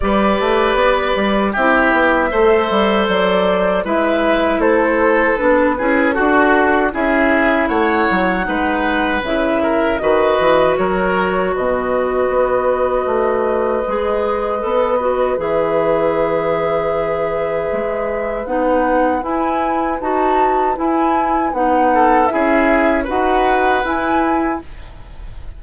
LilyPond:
<<
  \new Staff \with { instrumentName = "flute" } { \time 4/4 \tempo 4 = 78 d''2 e''2 | d''4 e''4 c''4 b'4 | a'4 e''4 fis''2 | e''4 dis''4 cis''4 dis''4~ |
dis''1 | e''1 | fis''4 gis''4 a''4 gis''4 | fis''4 e''4 fis''4 gis''4 | }
  \new Staff \with { instrumentName = "oboe" } { \time 4/4 b'2 g'4 c''4~ | c''4 b'4 a'4. gis'8 | fis'4 gis'4 cis''4 b'4~ | b'8 ais'8 b'4 ais'4 b'4~ |
b'1~ | b'1~ | b'1~ | b'8 a'8 gis'4 b'2 | }
  \new Staff \with { instrumentName = "clarinet" } { \time 4/4 g'2 e'4 a'4~ | a'4 e'2 d'8 e'8 | fis'4 e'2 dis'4 | e'4 fis'2.~ |
fis'2 gis'4 a'8 fis'8 | gis'1 | dis'4 e'4 fis'4 e'4 | dis'4 e'4 fis'4 e'4 | }
  \new Staff \with { instrumentName = "bassoon" } { \time 4/4 g8 a8 b8 g8 c'8 b8 a8 g8 | fis4 gis4 a4 b8 cis'8 | d'4 cis'4 a8 fis8 gis4 | cis4 dis8 e8 fis4 b,4 |
b4 a4 gis4 b4 | e2. gis4 | b4 e'4 dis'4 e'4 | b4 cis'4 dis'4 e'4 | }
>>